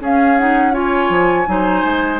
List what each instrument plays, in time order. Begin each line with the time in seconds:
0.00 bassoon C#4, clarinet C#4, oboe G#4, flute F5
0.38 clarinet D#4, flute F#5
0.73 clarinet F4, oboe C#5, flute G#5
1.10 bassoon F3
1.46 bassoon F#3, clarinet D#4, oboe C5
1.85 bassoon G#3